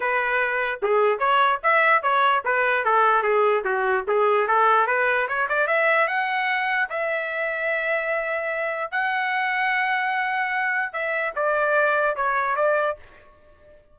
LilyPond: \new Staff \with { instrumentName = "trumpet" } { \time 4/4 \tempo 4 = 148 b'2 gis'4 cis''4 | e''4 cis''4 b'4 a'4 | gis'4 fis'4 gis'4 a'4 | b'4 cis''8 d''8 e''4 fis''4~ |
fis''4 e''2.~ | e''2 fis''2~ | fis''2. e''4 | d''2 cis''4 d''4 | }